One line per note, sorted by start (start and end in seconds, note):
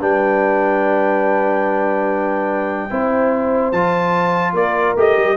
0.00 2.90 G3
0.00 2.90 D4
0.00 2.90 B4
0.00 3.72 G5
2.90 3.72 C4
2.90 3.73 E4
2.90 4.54 C5
3.72 4.53 F3
3.72 4.97 F4
3.72 4.54 A5
4.53 4.95 A#3
4.53 5.37 A#4
4.53 4.97 D5
4.96 5.16 A3
4.96 5.37 G4
4.96 5.37 D#5
5.17 5.37 G3